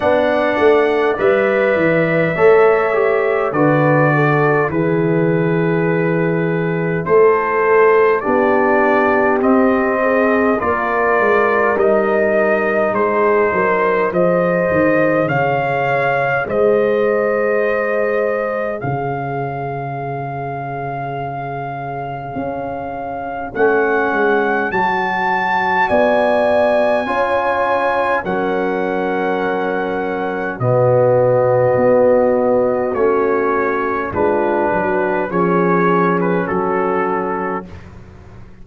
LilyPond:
<<
  \new Staff \with { instrumentName = "trumpet" } { \time 4/4 \tempo 4 = 51 fis''4 e''2 d''4 | b'2 c''4 d''4 | dis''4 d''4 dis''4 c''4 | dis''4 f''4 dis''2 |
f''1 | fis''4 a''4 gis''2 | fis''2 dis''2 | cis''4 b'4 cis''8. b'16 a'4 | }
  \new Staff \with { instrumentName = "horn" } { \time 4/4 d''2 cis''4 b'8 a'8 | gis'2 a'4 g'4~ | g'8 gis'8 ais'2 gis'8 ais'8 | c''4 cis''4 c''2 |
cis''1~ | cis''2 d''4 cis''4 | ais'2 fis'2~ | fis'4 f'8 fis'8 gis'4 fis'4 | }
  \new Staff \with { instrumentName = "trombone" } { \time 4/4 d'4 b'4 a'8 g'8 fis'4 | e'2. d'4 | c'4 f'4 dis'2 | gis'1~ |
gis'1 | cis'4 fis'2 f'4 | cis'2 b2 | cis'4 d'4 cis'2 | }
  \new Staff \with { instrumentName = "tuba" } { \time 4/4 b8 a8 g8 e8 a4 d4 | e2 a4 b4 | c'4 ais8 gis8 g4 gis8 fis8 | f8 dis8 cis4 gis2 |
cis2. cis'4 | a8 gis8 fis4 b4 cis'4 | fis2 b,4 b4 | a4 gis8 fis8 f4 fis4 | }
>>